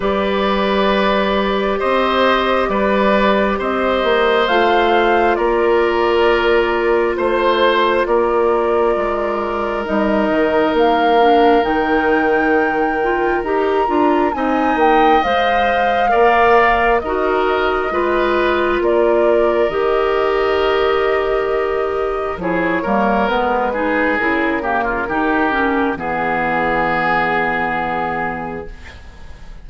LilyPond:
<<
  \new Staff \with { instrumentName = "flute" } { \time 4/4 \tempo 4 = 67 d''2 dis''4 d''4 | dis''4 f''4 d''2 | c''4 d''2 dis''4 | f''4 g''2 ais''4 |
gis''8 g''8 f''2 dis''4~ | dis''4 d''4 dis''2~ | dis''4 cis''4 b'4 ais'4~ | ais'4 gis'2. | }
  \new Staff \with { instrumentName = "oboe" } { \time 4/4 b'2 c''4 b'4 | c''2 ais'2 | c''4 ais'2.~ | ais'1 |
dis''2 d''4 ais'4 | b'4 ais'2.~ | ais'4 gis'8 ais'4 gis'4 g'16 f'16 | g'4 gis'2. | }
  \new Staff \with { instrumentName = "clarinet" } { \time 4/4 g'1~ | g'4 f'2.~ | f'2. dis'4~ | dis'8 d'8 dis'4. f'8 g'8 f'8 |
dis'4 c''4 ais'4 fis'4 | f'2 g'2~ | g'4 e'8 ais8 b8 dis'8 e'8 ais8 | dis'8 cis'8 b2. | }
  \new Staff \with { instrumentName = "bassoon" } { \time 4/4 g2 c'4 g4 | c'8 ais8 a4 ais2 | a4 ais4 gis4 g8 dis8 | ais4 dis2 dis'8 d'8 |
c'8 ais8 gis4 ais4 dis'4 | gis4 ais4 dis2~ | dis4 f8 g8 gis4 cis4 | dis4 e2. | }
>>